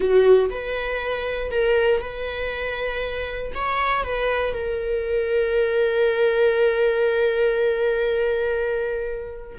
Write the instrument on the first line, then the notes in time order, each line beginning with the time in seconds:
viola
0.00 F#4
0.50 B4
1.51 A#4
2.01 B4
3.55 C#5
4.03 B4
4.53 A#4